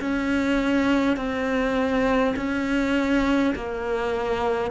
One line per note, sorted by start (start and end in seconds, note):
0.00 1.17 C#4
1.17 2.34 C4
2.36 3.53 C#4
3.55 4.71 A#3